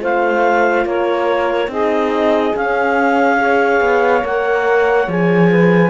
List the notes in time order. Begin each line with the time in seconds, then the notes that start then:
0.00 A3 F4 C5 F5
0.85 A#3 A#4 C#5
1.68 C4 D#4 G#4 D#5
2.54 C#4 F5
3.37 G#4 C#5
3.81 B3
4.24 A#3 A#4 F#5
5.08 F3 G#4 G#5
5.50 B4